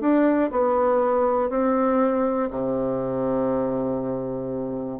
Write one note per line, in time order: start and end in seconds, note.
0.00 0.50 D4
0.51 1.49 B3
1.49 2.49 C4
2.50 4.99 C3